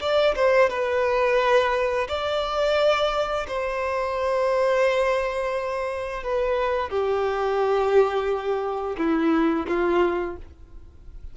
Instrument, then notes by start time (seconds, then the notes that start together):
violin
0.00 D5
0.35 C5
0.70 B4
2.08 D5
3.47 C5
6.23 B4
6.89 G4
8.97 E4
9.68 F4